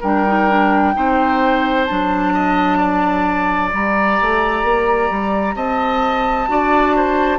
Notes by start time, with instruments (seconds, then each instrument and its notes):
0.00 bassoon G3, clarinet D4, oboe A#4, flute G5
0.27 clarinet D#4
0.49 clarinet D4
0.94 bassoon C4, clarinet D#4, oboe C5
1.85 bassoon F#3, clarinet D4, flute A5
2.34 oboe D#5
2.78 oboe D5
3.72 bassoon G3, clarinet G4, flute A#5
4.21 bassoon A3
4.63 bassoon A#3
5.10 bassoon G3
5.55 bassoon C4, oboe D#5, flute A5
6.48 bassoon D4, clarinet F#4, oboe D5
6.96 oboe C5